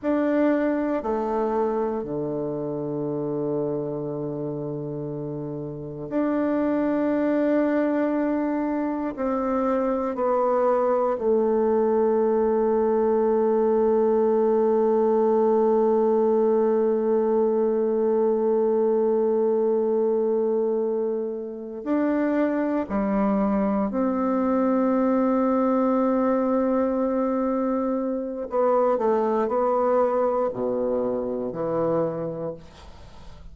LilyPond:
\new Staff \with { instrumentName = "bassoon" } { \time 4/4 \tempo 4 = 59 d'4 a4 d2~ | d2 d'2~ | d'4 c'4 b4 a4~ | a1~ |
a1~ | a4. d'4 g4 c'8~ | c'1 | b8 a8 b4 b,4 e4 | }